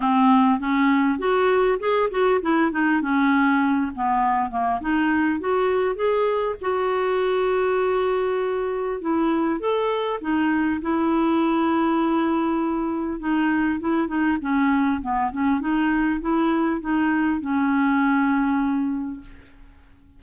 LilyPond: \new Staff \with { instrumentName = "clarinet" } { \time 4/4 \tempo 4 = 100 c'4 cis'4 fis'4 gis'8 fis'8 | e'8 dis'8 cis'4. b4 ais8 | dis'4 fis'4 gis'4 fis'4~ | fis'2. e'4 |
a'4 dis'4 e'2~ | e'2 dis'4 e'8 dis'8 | cis'4 b8 cis'8 dis'4 e'4 | dis'4 cis'2. | }